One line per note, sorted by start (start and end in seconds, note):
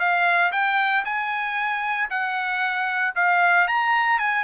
0.00 0.52 F5
0.53 1.05 G5
1.05 2.10 G#5
2.11 3.15 F#5
3.16 3.68 F5
3.68 4.19 A#5
4.19 4.44 G#5